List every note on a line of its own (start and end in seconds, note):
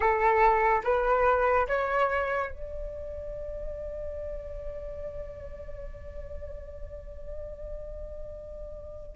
0.00 0.81 A4
0.83 1.67 B4
1.67 2.50 C#5
2.50 9.16 D5